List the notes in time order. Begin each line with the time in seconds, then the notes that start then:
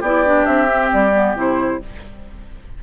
0.00 B3 E4 G4 D5
0.25 D4
0.45 C4 E5
0.67 C4
0.92 G3 D5
1.13 B3
1.35 C3 E4 C5